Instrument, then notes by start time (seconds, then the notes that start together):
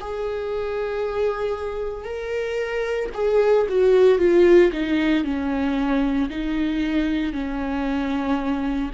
viola
0.00 G#4
2.04 A#4
3.14 G#4
3.69 F#4
4.18 F4
4.72 D#4
5.24 C#4
6.29 D#4
7.33 C#4